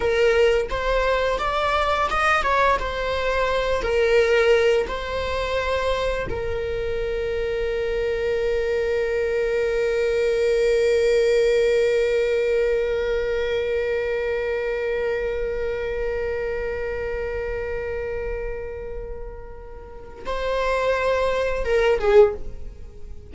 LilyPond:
\new Staff \with { instrumentName = "viola" } { \time 4/4 \tempo 4 = 86 ais'4 c''4 d''4 dis''8 cis''8 | c''4. ais'4. c''4~ | c''4 ais'2.~ | ais'1~ |
ais'1~ | ais'1~ | ais'1~ | ais'4 c''2 ais'8 gis'8 | }